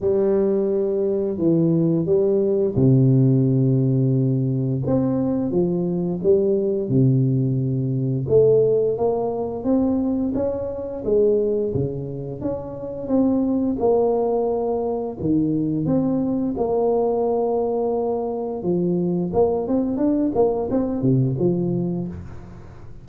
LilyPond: \new Staff \with { instrumentName = "tuba" } { \time 4/4 \tempo 4 = 87 g2 e4 g4 | c2. c'4 | f4 g4 c2 | a4 ais4 c'4 cis'4 |
gis4 cis4 cis'4 c'4 | ais2 dis4 c'4 | ais2. f4 | ais8 c'8 d'8 ais8 c'8 c8 f4 | }